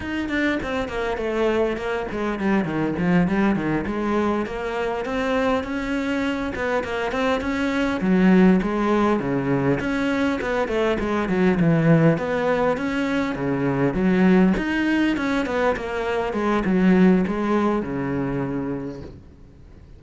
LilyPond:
\new Staff \with { instrumentName = "cello" } { \time 4/4 \tempo 4 = 101 dis'8 d'8 c'8 ais8 a4 ais8 gis8 | g8 dis8 f8 g8 dis8 gis4 ais8~ | ais8 c'4 cis'4. b8 ais8 | c'8 cis'4 fis4 gis4 cis8~ |
cis8 cis'4 b8 a8 gis8 fis8 e8~ | e8 b4 cis'4 cis4 fis8~ | fis8 dis'4 cis'8 b8 ais4 gis8 | fis4 gis4 cis2 | }